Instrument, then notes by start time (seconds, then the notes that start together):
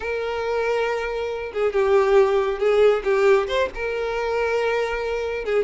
violin
0.00 A#4
1.53 G#4
1.73 G4
2.59 G#4
3.03 G4
3.47 C5
3.75 A#4
5.45 G#4